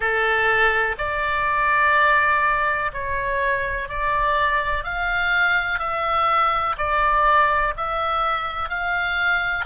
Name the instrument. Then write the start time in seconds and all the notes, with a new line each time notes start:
oboe
0.00 A4
0.98 D5
2.93 C#5
3.88 D5
4.84 F5
5.79 E5
6.77 D5
7.76 E5
8.69 F5